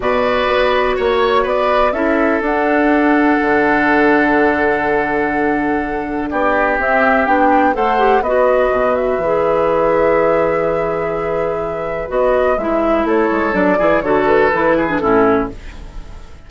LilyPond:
<<
  \new Staff \with { instrumentName = "flute" } { \time 4/4 \tempo 4 = 124 d''2 cis''4 d''4 | e''4 fis''2.~ | fis''1~ | fis''4 d''4 e''4 g''4 |
fis''4 dis''4. e''4.~ | e''1~ | e''4 dis''4 e''4 cis''4 | d''4 cis''8 b'4. a'4 | }
  \new Staff \with { instrumentName = "oboe" } { \time 4/4 b'2 cis''4 b'4 | a'1~ | a'1~ | a'4 g'2. |
c''4 b'2.~ | b'1~ | b'2. a'4~ | a'8 gis'8 a'4. gis'8 e'4 | }
  \new Staff \with { instrumentName = "clarinet" } { \time 4/4 fis'1 | e'4 d'2.~ | d'1~ | d'2 c'4 d'4 |
a'8 g'8 fis'2 gis'4~ | gis'1~ | gis'4 fis'4 e'2 | d'8 e'8 fis'4 e'8. d'16 cis'4 | }
  \new Staff \with { instrumentName = "bassoon" } { \time 4/4 b,4 b4 ais4 b4 | cis'4 d'2 d4~ | d1~ | d4 b4 c'4 b4 |
a4 b4 b,4 e4~ | e1~ | e4 b4 gis4 a8 gis8 | fis8 e8 d4 e4 a,4 | }
>>